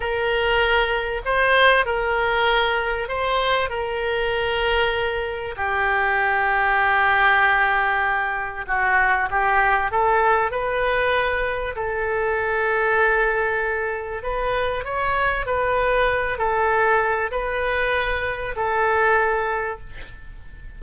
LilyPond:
\new Staff \with { instrumentName = "oboe" } { \time 4/4 \tempo 4 = 97 ais'2 c''4 ais'4~ | ais'4 c''4 ais'2~ | ais'4 g'2.~ | g'2 fis'4 g'4 |
a'4 b'2 a'4~ | a'2. b'4 | cis''4 b'4. a'4. | b'2 a'2 | }